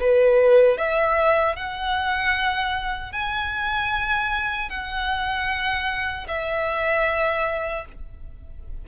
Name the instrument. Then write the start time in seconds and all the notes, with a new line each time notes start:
violin
0.00 B4
0.77 E5
1.56 F#5
3.12 G#5
4.69 F#5
6.28 E5